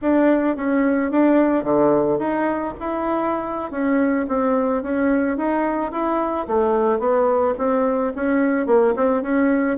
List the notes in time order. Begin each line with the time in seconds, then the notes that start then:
0.01 D4
0.56 C#4
1.11 D4
1.63 D3
2.19 D#4
2.79 E4
3.71 C#4
4.28 C4
4.82 C#4
5.37 D#4
5.91 E4
6.47 A3
6.99 B3
7.57 C4
8.15 C#4
8.66 A#3
8.95 C4
9.22 C#4